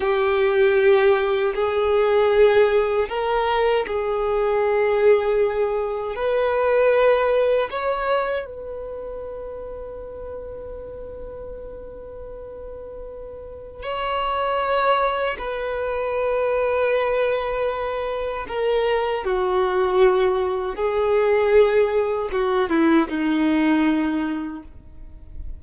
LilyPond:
\new Staff \with { instrumentName = "violin" } { \time 4/4 \tempo 4 = 78 g'2 gis'2 | ais'4 gis'2. | b'2 cis''4 b'4~ | b'1~ |
b'2 cis''2 | b'1 | ais'4 fis'2 gis'4~ | gis'4 fis'8 e'8 dis'2 | }